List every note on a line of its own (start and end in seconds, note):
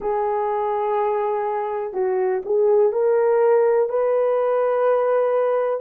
0.00 1.93 G#4
1.93 2.41 F#4
2.45 2.92 G#4
2.92 3.89 A#4
3.89 5.80 B4